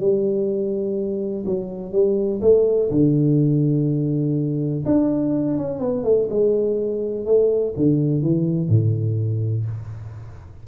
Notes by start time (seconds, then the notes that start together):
0.00 G3
1.46 F#3
1.92 G3
2.41 A3
2.91 D3
4.86 D4
5.58 C#4
5.80 B3
6.04 A3
6.30 G#3
7.26 A3
7.77 D3
8.23 E3
8.69 A2